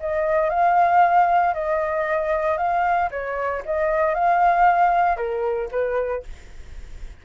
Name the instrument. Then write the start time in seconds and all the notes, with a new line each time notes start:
flute
0.00 D#5
0.50 F5
1.54 D#5
2.57 F5
3.11 C#5
3.65 D#5
4.14 F5
5.17 A#4
5.71 B4